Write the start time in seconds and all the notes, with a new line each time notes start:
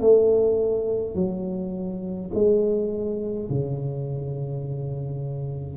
0.00 A3
1.15 F#3
2.34 G#3
3.49 C#3